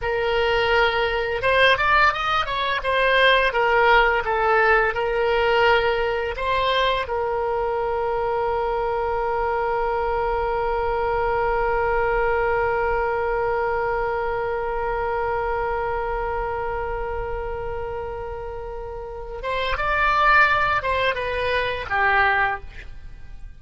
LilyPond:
\new Staff \with { instrumentName = "oboe" } { \time 4/4 \tempo 4 = 85 ais'2 c''8 d''8 dis''8 cis''8 | c''4 ais'4 a'4 ais'4~ | ais'4 c''4 ais'2~ | ais'1~ |
ais'1~ | ais'1~ | ais'2.~ ais'8 c''8 | d''4. c''8 b'4 g'4 | }